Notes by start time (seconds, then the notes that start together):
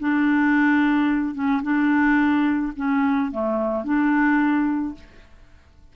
0.00 D4
1.34 C#4
1.62 D4
2.76 C#4
3.31 A3
3.84 D4